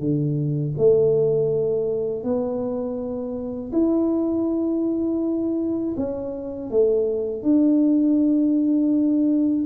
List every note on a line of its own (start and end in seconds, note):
0.00 0.74 D3
0.78 2.24 A3
2.24 3.72 B3
3.73 5.95 E4
5.97 6.71 C#4
6.71 7.43 A3
7.43 9.65 D4